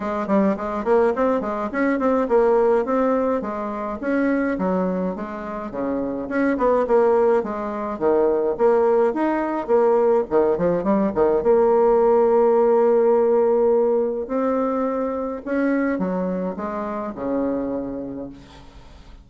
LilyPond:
\new Staff \with { instrumentName = "bassoon" } { \time 4/4 \tempo 4 = 105 gis8 g8 gis8 ais8 c'8 gis8 cis'8 c'8 | ais4 c'4 gis4 cis'4 | fis4 gis4 cis4 cis'8 b8 | ais4 gis4 dis4 ais4 |
dis'4 ais4 dis8 f8 g8 dis8 | ais1~ | ais4 c'2 cis'4 | fis4 gis4 cis2 | }